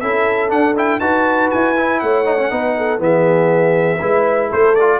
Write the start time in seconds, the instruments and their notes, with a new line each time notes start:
0.00 tuba C#4, trombone E4, horn A4, trumpet E5
0.49 trombone D4, tuba D4, trumpet F#5
0.76 trombone E4, trumpet G5
1.00 tuba D#4, trombone F#4, horn B4, trumpet A5
1.51 tuba E4, trumpet G#5
1.76 trombone E4
2.00 tuba A3, horn C#5, trumpet F#5
2.25 trombone D#4
2.38 trombone C#4
2.50 tuba B3, trombone D#4, horn B4
2.77 horn A4
2.99 tuba E3, trombone B3, horn G#4, trumpet E5
3.99 tuba G#3, trombone E4, horn B4
4.48 tuba A3, horn A4, trumpet C5
4.75 trombone F4, trumpet D5